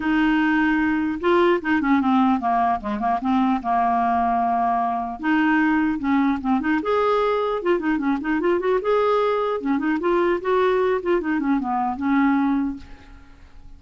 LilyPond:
\new Staff \with { instrumentName = "clarinet" } { \time 4/4 \tempo 4 = 150 dis'2. f'4 | dis'8 cis'8 c'4 ais4 gis8 ais8 | c'4 ais2.~ | ais4 dis'2 cis'4 |
c'8 dis'8 gis'2 f'8 dis'8 | cis'8 dis'8 f'8 fis'8 gis'2 | cis'8 dis'8 f'4 fis'4. f'8 | dis'8 cis'8 b4 cis'2 | }